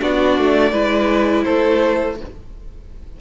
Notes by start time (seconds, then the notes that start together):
0.00 B3 D4 F#4 D5
0.38 A3
0.72 G#3 E4 B4
1.43 A3 A4 C5